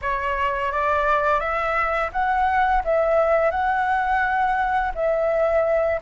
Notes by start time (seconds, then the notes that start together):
0.01 C#5
0.72 D5
1.39 E5
2.12 F#5
2.84 E5
3.50 F#5
4.94 E5